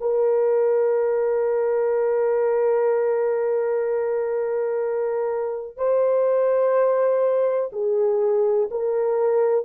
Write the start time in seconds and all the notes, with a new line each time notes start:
0.00 A#4
5.76 C5
7.72 G#4
8.71 A#4